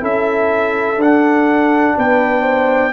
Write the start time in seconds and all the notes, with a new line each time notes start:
0.00 C#4 E4 A4 E5
0.97 D4 F#5
1.03 D4
1.97 B3 B4 G5
2.41 C5